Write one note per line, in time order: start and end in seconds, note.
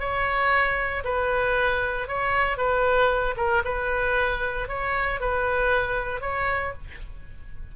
0.00 1.03 C#5
1.04 2.08 B4
2.08 2.58 C#5
2.58 3.35 B4
3.37 3.63 A#4
3.65 4.68 B4
4.69 5.20 C#5
5.21 6.21 B4
6.21 6.73 C#5